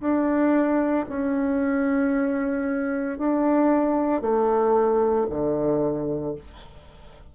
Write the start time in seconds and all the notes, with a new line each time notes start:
0.00 D4
1.09 C#4
3.18 D4
4.22 A3
5.30 D3